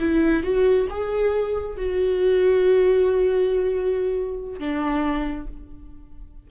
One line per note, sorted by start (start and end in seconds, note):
0.00 0.43 E4
0.43 0.87 F#4
0.90 1.77 G#4
1.77 4.59 F#4
4.59 5.47 D4